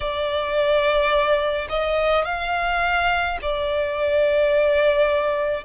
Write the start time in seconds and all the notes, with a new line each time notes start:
0.00 D5
1.69 D#5
2.24 F5
3.42 D5